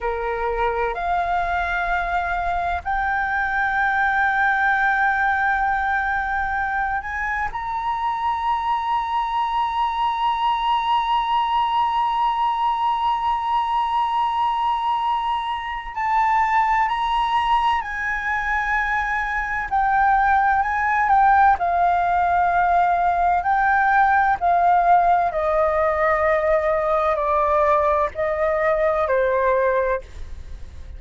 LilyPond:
\new Staff \with { instrumentName = "flute" } { \time 4/4 \tempo 4 = 64 ais'4 f''2 g''4~ | g''2.~ g''8 gis''8 | ais''1~ | ais''1~ |
ais''4 a''4 ais''4 gis''4~ | gis''4 g''4 gis''8 g''8 f''4~ | f''4 g''4 f''4 dis''4~ | dis''4 d''4 dis''4 c''4 | }